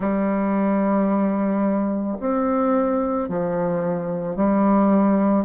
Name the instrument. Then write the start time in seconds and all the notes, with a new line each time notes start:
bassoon
0.00 G3
2.20 C4
3.28 F3
4.36 G3